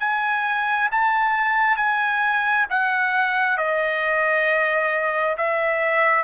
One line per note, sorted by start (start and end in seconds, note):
0.00 0.90 G#5
0.92 1.77 A5
1.77 2.66 G#5
2.70 3.58 F#5
3.58 5.37 D#5
5.37 6.24 E5